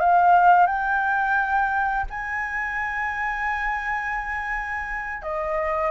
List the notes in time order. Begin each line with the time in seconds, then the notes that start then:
0.00 F5
0.67 G5
2.10 G#5
5.23 D#5